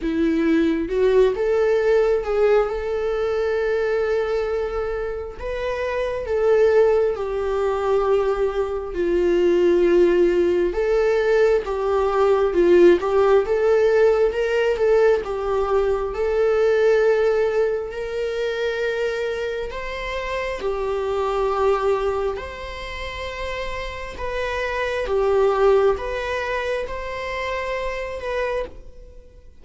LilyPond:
\new Staff \with { instrumentName = "viola" } { \time 4/4 \tempo 4 = 67 e'4 fis'8 a'4 gis'8 a'4~ | a'2 b'4 a'4 | g'2 f'2 | a'4 g'4 f'8 g'8 a'4 |
ais'8 a'8 g'4 a'2 | ais'2 c''4 g'4~ | g'4 c''2 b'4 | g'4 b'4 c''4. b'8 | }